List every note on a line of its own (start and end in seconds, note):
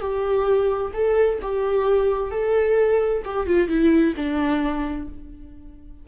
0.00 0.92 G4
0.93 1.39 A4
1.42 2.31 G4
2.31 3.22 A4
3.24 3.46 G4
3.46 3.68 F4
3.68 4.14 E4
4.16 5.08 D4